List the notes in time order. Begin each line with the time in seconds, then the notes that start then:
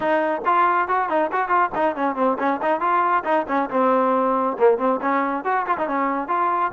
0.00 D#4
0.45 F4
0.88 F#4
1.09 D#4
1.32 F#4
1.48 F4
1.74 D#4
1.95 C#4
2.15 C4
2.38 C#4
2.62 D#4
2.80 F4
3.24 D#4
3.48 C#4
3.70 C4
4.58 A#3
4.78 C4
5.01 C#4
5.44 F#4
5.66 F4
5.77 D#4
5.87 C#4
6.28 F4